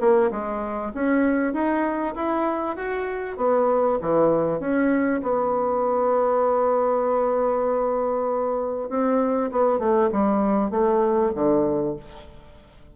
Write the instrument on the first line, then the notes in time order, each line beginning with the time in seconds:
bassoon
0.00 A#3
0.31 G#3
0.94 C#4
1.53 D#4
2.15 E4
2.76 F#4
3.37 B3
4.01 E3
4.59 C#4
5.23 B3
8.89 C4
9.51 B3
9.79 A3
10.12 G3
10.70 A3
11.35 D3